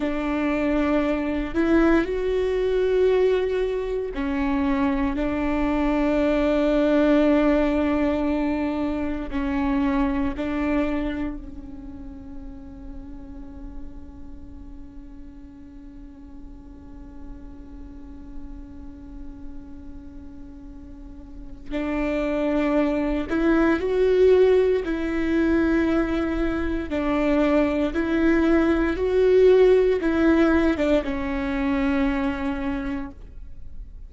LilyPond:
\new Staff \with { instrumentName = "viola" } { \time 4/4 \tempo 4 = 58 d'4. e'8 fis'2 | cis'4 d'2.~ | d'4 cis'4 d'4 cis'4~ | cis'1~ |
cis'1~ | cis'4 d'4. e'8 fis'4 | e'2 d'4 e'4 | fis'4 e'8. d'16 cis'2 | }